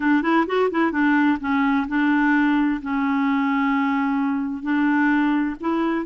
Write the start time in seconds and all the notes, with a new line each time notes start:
0.00 D4
0.22 E4
0.47 F#4
0.70 E4
0.91 D4
1.40 C#4
1.87 D4
2.81 C#4
4.62 D4
5.60 E4